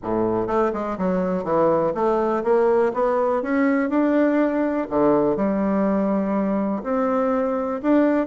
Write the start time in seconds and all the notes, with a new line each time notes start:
0.02 A2
0.47 A3
0.73 G#3
0.98 F#3
1.43 E3
1.94 A3
2.43 A#3
2.93 B3
3.42 C#4
3.89 D4
4.89 D3
5.36 G3
6.83 C4
7.82 D4